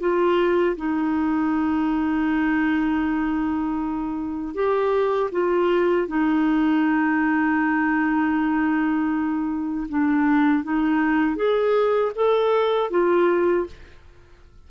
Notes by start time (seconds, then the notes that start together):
0.00 F4
0.76 D#4
4.54 G4
5.32 F4
6.08 D#4
9.89 D4
10.64 D#4
11.36 G#4
12.15 A4
12.90 F4